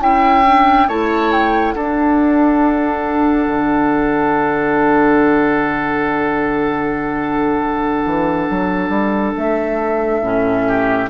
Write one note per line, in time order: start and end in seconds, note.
0.00 0.87 C#4
0.00 0.44 E4
0.00 0.88 E5
0.00 0.89 G5
0.45 0.88 D4
0.88 1.75 A3
0.88 1.76 E4
0.88 1.75 C#5
0.88 1.32 A5
1.32 1.73 G5
1.73 3.47 D4
1.73 10.23 D4
1.73 10.66 A4
1.73 9.34 F#5
3.47 8.03 D3
8.05 8.48 E3
8.49 8.89 F#3
8.89 9.33 G3
9.37 10.22 A3
9.37 11.09 E5
10.22 11.09 A2
10.22 11.09 C#4
10.67 11.09 G4